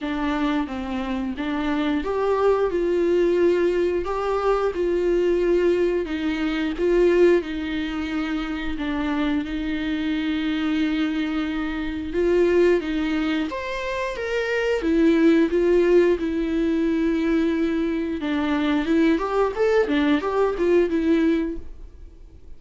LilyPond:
\new Staff \with { instrumentName = "viola" } { \time 4/4 \tempo 4 = 89 d'4 c'4 d'4 g'4 | f'2 g'4 f'4~ | f'4 dis'4 f'4 dis'4~ | dis'4 d'4 dis'2~ |
dis'2 f'4 dis'4 | c''4 ais'4 e'4 f'4 | e'2. d'4 | e'8 g'8 a'8 d'8 g'8 f'8 e'4 | }